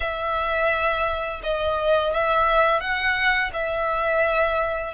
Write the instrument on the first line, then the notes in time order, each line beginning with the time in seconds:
violin
0.00 E5
1.43 D#5
2.13 E5
2.80 F#5
3.53 E5